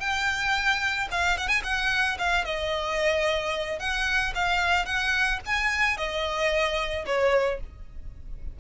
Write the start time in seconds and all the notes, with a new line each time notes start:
0.00 G5
1.11 F5
1.38 F#5
1.48 G#5
1.64 F#5
2.18 F5
2.45 D#5
3.79 F#5
4.35 F5
4.86 F#5
5.46 G#5
5.97 D#5
7.06 C#5